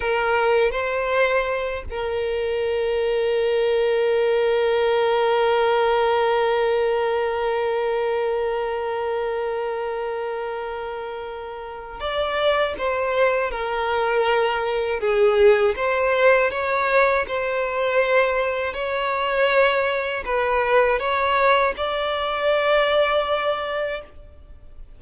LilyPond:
\new Staff \with { instrumentName = "violin" } { \time 4/4 \tempo 4 = 80 ais'4 c''4. ais'4.~ | ais'1~ | ais'1~ | ais'1 |
d''4 c''4 ais'2 | gis'4 c''4 cis''4 c''4~ | c''4 cis''2 b'4 | cis''4 d''2. | }